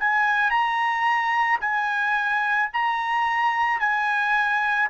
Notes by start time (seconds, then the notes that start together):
0.00 G#5
0.51 A#5
1.61 G#5
2.73 A#5
3.80 G#5